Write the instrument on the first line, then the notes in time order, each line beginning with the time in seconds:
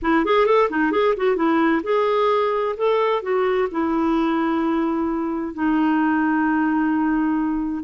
clarinet
0.01 E4
0.25 G#4
0.46 A4
0.70 D#4
0.91 G#4
1.16 F#4
1.36 E4
1.83 G#4
2.77 A4
3.22 F#4
3.71 E4
5.54 D#4